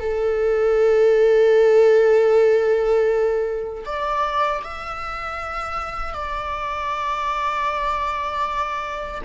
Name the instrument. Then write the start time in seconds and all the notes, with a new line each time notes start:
viola
0.00 A4
3.86 D5
4.64 E5
6.14 D5